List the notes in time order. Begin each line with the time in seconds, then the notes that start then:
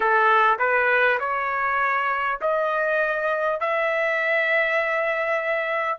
0.00 A4
0.58 B4
1.19 C#5
2.41 D#5
3.60 E5